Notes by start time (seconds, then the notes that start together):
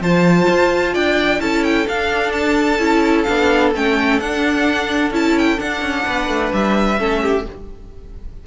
0.00 F3 F4 C5 A5
0.49 F4
0.94 D4 D5 G5
1.39 C#4 E4 A4 A5
1.64 G5
1.88 D4 F5
2.32 A5
2.78 C#4 E4
3.23 B3 D4 F5
3.74 A3 C#4 G5
4.19 D4 F#5
5.11 C#4 E4 A5
5.38 G5
5.58 D4 F#5
5.81 C#4
6.07 B3 B4
6.28 A3
6.53 G3 E5
6.97 A3 C#4 A4
7.22 G4